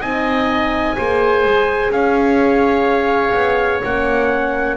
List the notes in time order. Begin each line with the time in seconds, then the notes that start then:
0.00 C4 D#4 D#5 G#5
0.96 A#3 G#4 C5
1.44 G#3
1.89 C#4 C#5 F5
3.33 B3
3.84 A#3 C#4 F#5